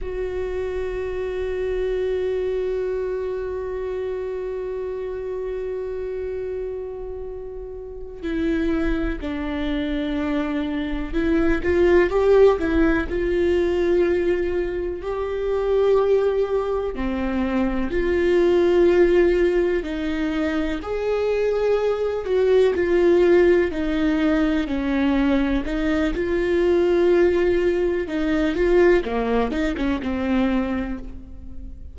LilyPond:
\new Staff \with { instrumentName = "viola" } { \time 4/4 \tempo 4 = 62 fis'1~ | fis'1~ | fis'8 e'4 d'2 e'8 | f'8 g'8 e'8 f'2 g'8~ |
g'4. c'4 f'4.~ | f'8 dis'4 gis'4. fis'8 f'8~ | f'8 dis'4 cis'4 dis'8 f'4~ | f'4 dis'8 f'8 ais8 dis'16 cis'16 c'4 | }